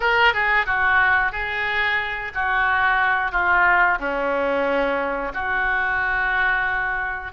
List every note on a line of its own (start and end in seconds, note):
0.00 0.33 A#4
0.33 0.66 G#4
0.66 1.32 F#4
1.32 2.32 G#4
2.34 3.32 F#4
3.32 3.98 F4
3.98 5.32 C#4
5.33 7.32 F#4